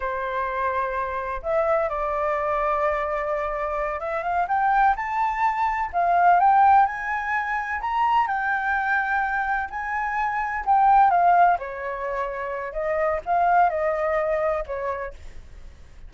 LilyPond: \new Staff \with { instrumentName = "flute" } { \time 4/4 \tempo 4 = 127 c''2. e''4 | d''1~ | d''8 e''8 f''8 g''4 a''4.~ | a''8 f''4 g''4 gis''4.~ |
gis''8 ais''4 g''2~ g''8~ | g''8 gis''2 g''4 f''8~ | f''8 cis''2~ cis''8 dis''4 | f''4 dis''2 cis''4 | }